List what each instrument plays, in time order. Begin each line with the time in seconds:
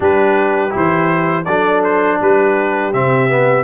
0.00 tuba G3, trombone D4, horn G4, trumpet B4
0.70 tuba E3, trombone E4, trumpet C5
1.45 tuba F#3, trombone D4, horn A4, trumpet D5
1.83 trumpet C5
2.20 tuba G3, horn G4, trumpet B4
2.93 tuba C3, trombone C4, trumpet E5
3.29 trombone B3